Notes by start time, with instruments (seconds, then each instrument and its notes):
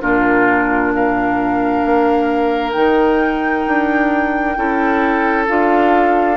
0.00 bassoon A#2, clarinet D4, oboe F4, flute A#4
0.94 oboe A#4, flute F5
1.84 bassoon A#3
2.72 bassoon D#3, clarinet D#4, flute G5
3.66 bassoon D4
4.55 bassoon C#4, clarinet E4, oboe A4
5.48 bassoon D4, clarinet F4, flute F5